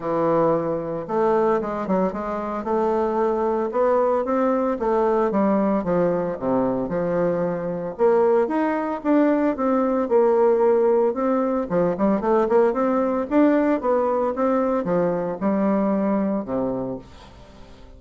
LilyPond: \new Staff \with { instrumentName = "bassoon" } { \time 4/4 \tempo 4 = 113 e2 a4 gis8 fis8 | gis4 a2 b4 | c'4 a4 g4 f4 | c4 f2 ais4 |
dis'4 d'4 c'4 ais4~ | ais4 c'4 f8 g8 a8 ais8 | c'4 d'4 b4 c'4 | f4 g2 c4 | }